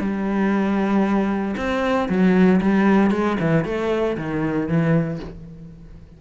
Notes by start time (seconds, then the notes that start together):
0.00 G3
1.56 C4
2.09 F#3
2.61 G3
3.11 G#3
3.40 E3
3.65 A3
4.17 D#3
4.68 E3